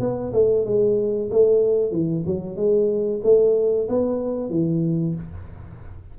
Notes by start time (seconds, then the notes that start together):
0.00 B3
0.33 A3
0.65 G#3
1.31 A3
1.92 E3
2.26 F#3
2.56 G#3
3.24 A3
3.89 B3
4.50 E3